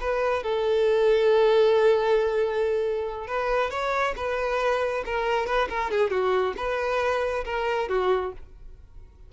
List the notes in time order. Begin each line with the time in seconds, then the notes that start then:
0.00 B4
0.43 A4
3.27 B4
3.70 C#5
4.16 B4
5.05 A#4
5.46 B4
5.69 A#4
5.91 G#4
6.10 F#4
6.56 B4
7.45 A#4
7.89 F#4